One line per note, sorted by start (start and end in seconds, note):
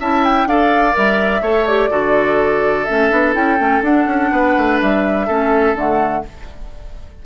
0.00 0.46 C#4
0.00 0.48 E4
0.00 0.48 E5
0.00 0.24 A5
0.24 0.48 G5
0.46 0.94 D4
0.46 0.93 A4
0.46 1.42 D5
0.46 0.96 F5
0.93 1.42 G3
0.93 1.41 A#4
0.93 1.67 E5
1.42 1.90 A3
1.42 1.67 A4
1.42 1.90 C#5
1.67 1.90 G4
1.67 2.85 D5
1.90 2.87 D3
1.90 2.86 F#4
1.90 4.31 A4
2.85 3.11 A3
2.85 3.10 C#4
2.85 3.33 E5
3.10 3.35 B3
3.10 3.33 D4
3.33 3.59 C#4
3.33 3.57 E4
3.33 3.83 G5
3.59 3.82 A3
3.59 3.83 C#4
3.82 4.06 D4
3.82 5.29 D4
3.82 4.80 F#5
4.07 4.30 C#4
4.32 4.56 B3
4.32 5.26 B4
4.58 4.82 A3
4.81 5.29 G3
4.81 5.77 E5
5.26 5.75 A3
5.26 5.76 C#4
5.26 6.23 A4
5.75 6.23 D3
5.75 6.24 A3
5.75 6.26 F#5